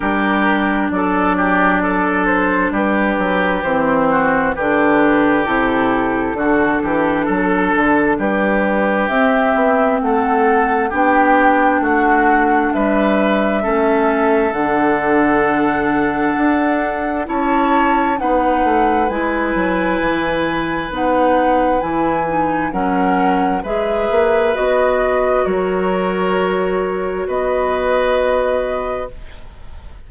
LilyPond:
<<
  \new Staff \with { instrumentName = "flute" } { \time 4/4 \tempo 4 = 66 ais'4 d''4. c''8 b'4 | c''4 b'4 a'2~ | a'4 b'4 e''4 fis''4 | g''4 fis''4 e''2 |
fis''2. a''4 | fis''4 gis''2 fis''4 | gis''4 fis''4 e''4 dis''4 | cis''2 dis''2 | }
  \new Staff \with { instrumentName = "oboe" } { \time 4/4 g'4 a'8 g'8 a'4 g'4~ | g'8 fis'8 g'2 fis'8 g'8 | a'4 g'2 a'4 | g'4 fis'4 b'4 a'4~ |
a'2. cis''4 | b'1~ | b'4 ais'4 b'2 | ais'2 b'2 | }
  \new Staff \with { instrumentName = "clarinet" } { \time 4/4 d'1 | c'4 d'4 e'4 d'4~ | d'2 c'2 | d'2. cis'4 |
d'2. e'4 | dis'4 e'2 dis'4 | e'8 dis'8 cis'4 gis'4 fis'4~ | fis'1 | }
  \new Staff \with { instrumentName = "bassoon" } { \time 4/4 g4 fis2 g8 fis8 | e4 d4 c4 d8 e8 | fis8 d8 g4 c'8 b8 a4 | b4 a4 g4 a4 |
d2 d'4 cis'4 | b8 a8 gis8 fis8 e4 b4 | e4 fis4 gis8 ais8 b4 | fis2 b2 | }
>>